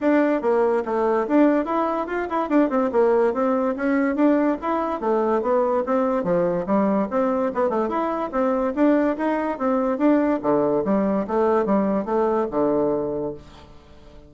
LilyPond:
\new Staff \with { instrumentName = "bassoon" } { \time 4/4 \tempo 4 = 144 d'4 ais4 a4 d'4 | e'4 f'8 e'8 d'8 c'8 ais4 | c'4 cis'4 d'4 e'4 | a4 b4 c'4 f4 |
g4 c'4 b8 a8 e'4 | c'4 d'4 dis'4 c'4 | d'4 d4 g4 a4 | g4 a4 d2 | }